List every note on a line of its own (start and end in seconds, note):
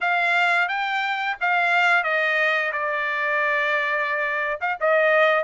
0.00 0.68 F5
0.68 1.36 G5
1.40 2.03 F5
2.03 2.71 D#5
2.72 4.59 D5
4.60 4.77 F5
4.80 5.44 D#5